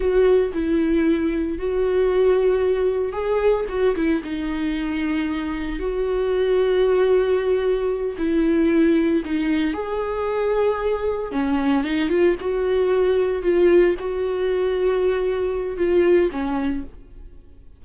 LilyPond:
\new Staff \with { instrumentName = "viola" } { \time 4/4 \tempo 4 = 114 fis'4 e'2 fis'4~ | fis'2 gis'4 fis'8 e'8 | dis'2. fis'4~ | fis'2.~ fis'8 e'8~ |
e'4. dis'4 gis'4.~ | gis'4. cis'4 dis'8 f'8 fis'8~ | fis'4. f'4 fis'4.~ | fis'2 f'4 cis'4 | }